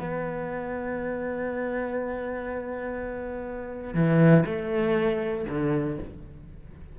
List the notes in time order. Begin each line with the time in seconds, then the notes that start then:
0.00 B3
3.94 E3
4.46 A3
5.50 D3